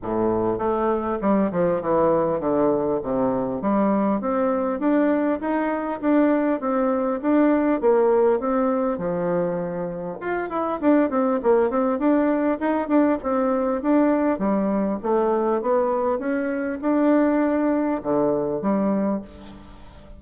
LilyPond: \new Staff \with { instrumentName = "bassoon" } { \time 4/4 \tempo 4 = 100 a,4 a4 g8 f8 e4 | d4 c4 g4 c'4 | d'4 dis'4 d'4 c'4 | d'4 ais4 c'4 f4~ |
f4 f'8 e'8 d'8 c'8 ais8 c'8 | d'4 dis'8 d'8 c'4 d'4 | g4 a4 b4 cis'4 | d'2 d4 g4 | }